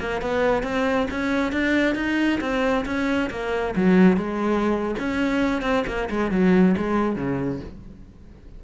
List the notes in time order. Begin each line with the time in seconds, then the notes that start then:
0.00 A#3
0.21 B3
0.63 C4
1.11 C#4
1.52 D4
1.95 D#4
2.41 C4
2.85 C#4
3.30 A#3
3.76 F#3
4.17 G#3
4.99 C#4
5.62 C4
5.87 A#3
6.10 G#3
6.31 F#3
6.77 G#3
7.16 C#3